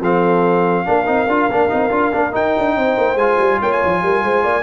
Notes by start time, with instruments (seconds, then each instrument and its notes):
0.00 tuba F3, trombone C4, horn A4, trumpet F5
0.85 tuba A#3, trombone D4, horn A#4
1.05 tuba C4, trombone D#4
1.27 tuba D4, trombone F4
1.48 tuba A#3, trombone D4
1.69 tuba C4, trombone D#4
1.90 tuba D4, trombone F4
2.12 tuba A#3, trombone D4
2.32 trombone D#4, tuba D#4, trumpet G5
2.57 tuba D4
2.75 tuba C4, horn C5
2.97 tuba A#3
3.15 tuba G#3, trombone F4, trumpet G#5
3.38 tuba G3
3.60 tuba A#3, horn C#5, trumpet G5
3.72 trumpet G#5
3.84 tuba F3
4.02 tuba G3, horn A#4
4.23 tuba G#3, horn C5
4.43 tuba A#3, horn D5